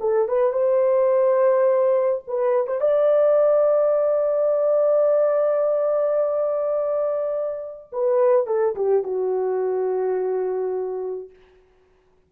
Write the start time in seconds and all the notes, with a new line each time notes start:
0.00 A4
0.28 B4
0.52 C5
2.27 B4
2.67 C5
2.80 D5
7.92 B4
8.46 A4
8.75 G4
9.03 F#4